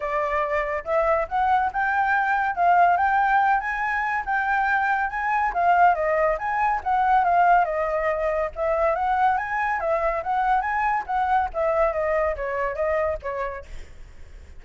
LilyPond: \new Staff \with { instrumentName = "flute" } { \time 4/4 \tempo 4 = 141 d''2 e''4 fis''4 | g''2 f''4 g''4~ | g''8 gis''4. g''2 | gis''4 f''4 dis''4 gis''4 |
fis''4 f''4 dis''2 | e''4 fis''4 gis''4 e''4 | fis''4 gis''4 fis''4 e''4 | dis''4 cis''4 dis''4 cis''4 | }